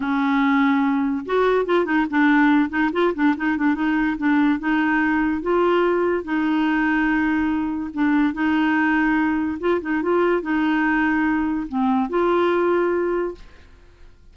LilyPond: \new Staff \with { instrumentName = "clarinet" } { \time 4/4 \tempo 4 = 144 cis'2. fis'4 | f'8 dis'8 d'4. dis'8 f'8 d'8 | dis'8 d'8 dis'4 d'4 dis'4~ | dis'4 f'2 dis'4~ |
dis'2. d'4 | dis'2. f'8 dis'8 | f'4 dis'2. | c'4 f'2. | }